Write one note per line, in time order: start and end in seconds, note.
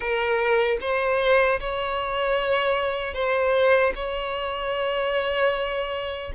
0.00 0.77 A#4
0.80 1.59 C5
1.60 3.14 C#5
3.14 3.93 C5
3.95 6.32 C#5